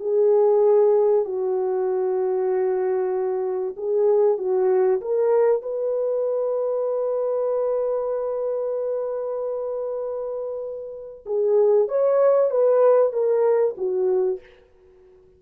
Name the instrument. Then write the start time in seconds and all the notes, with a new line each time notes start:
horn
0.00 G#4
1.25 F#4
3.77 G#4
4.38 F#4
5.01 A#4
5.62 B4
11.26 G#4
11.88 C#5
12.51 B4
13.12 A#4
13.78 F#4